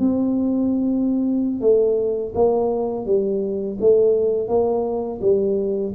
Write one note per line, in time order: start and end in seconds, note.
0.00 1.61 C4
1.61 2.33 A3
2.35 3.06 A#3
3.06 3.78 G3
3.81 4.48 A3
4.48 5.20 A#3
5.21 5.94 G3